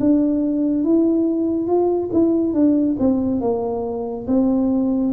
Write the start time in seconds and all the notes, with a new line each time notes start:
0.00 D4
0.84 E4
1.67 F4
2.13 E4
2.54 D4
2.99 C4
3.41 A#3
4.27 C4